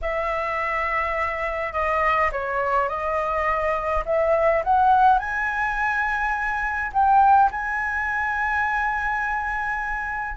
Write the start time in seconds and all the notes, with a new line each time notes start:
0.01 E5
1.72 D#5
2.32 C#5
2.88 D#5
4.05 E5
4.64 F#5
5.18 G#5
6.92 G5
7.51 G#5